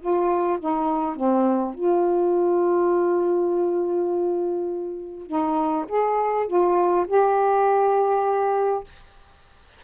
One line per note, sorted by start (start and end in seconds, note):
0.00 0.59 F4
0.60 1.16 D#4
1.16 1.75 C4
1.75 5.27 F4
5.27 5.86 D#4
5.88 6.47 G#4
6.48 7.06 F4
7.07 8.84 G4